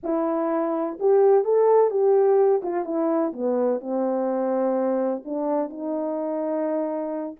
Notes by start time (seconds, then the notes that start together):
0.03 E4
0.99 G4
1.44 A4
1.90 G4
2.62 F4
2.84 E4
3.32 B3
3.80 C4
5.24 D4
5.69 D#4